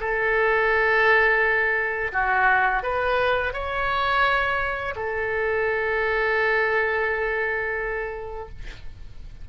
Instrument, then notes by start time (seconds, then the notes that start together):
oboe
0.00 A4
2.12 F#4
2.83 B4
3.54 C#5
4.96 A4